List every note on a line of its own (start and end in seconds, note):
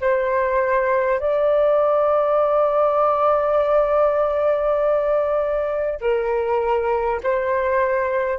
0.00 1.19 C5
1.19 5.99 D5
6.01 7.21 A#4
7.23 8.38 C5